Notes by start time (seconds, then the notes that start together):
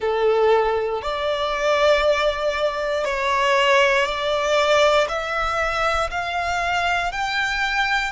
0.00 A4
1.02 D5
3.04 C#5
4.05 D5
5.08 E5
6.10 F5
7.11 G5